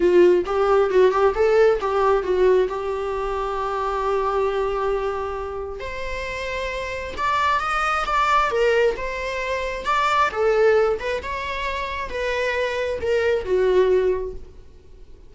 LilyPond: \new Staff \with { instrumentName = "viola" } { \time 4/4 \tempo 4 = 134 f'4 g'4 fis'8 g'8 a'4 | g'4 fis'4 g'2~ | g'1~ | g'4 c''2. |
d''4 dis''4 d''4 ais'4 | c''2 d''4 a'4~ | a'8 b'8 cis''2 b'4~ | b'4 ais'4 fis'2 | }